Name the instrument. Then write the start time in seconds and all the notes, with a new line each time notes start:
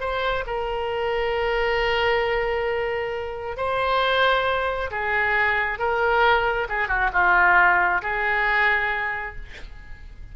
oboe
0.00 C5
0.46 A#4
3.57 C5
4.91 G#4
5.79 A#4
6.69 G#4
6.88 F#4
7.13 F4
8.02 G#4